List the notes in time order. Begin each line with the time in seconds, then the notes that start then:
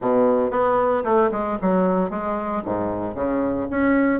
0.01 B2
0.50 B3
1.04 A3
1.31 G#3
1.61 F#3
2.09 G#3
2.64 G#2
3.14 C#3
3.70 C#4